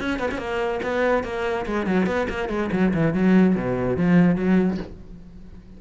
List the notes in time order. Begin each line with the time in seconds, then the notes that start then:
0.00 C#4
0.19 B3
0.31 C#4
0.38 A#3
0.83 B3
1.24 A#3
1.66 G#3
1.87 F#3
2.07 B3
2.30 A#3
2.49 G#3
2.72 F#3
2.94 E3
3.14 F#3
3.56 B2
3.97 F3
4.36 F#3